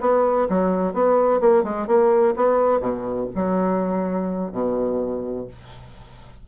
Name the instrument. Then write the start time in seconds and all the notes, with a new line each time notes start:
bassoon
0.00 B3
0.49 F#3
0.93 B3
1.40 A#3
1.63 G#3
1.87 A#3
2.36 B3
2.80 B2
3.35 F#3
4.52 B2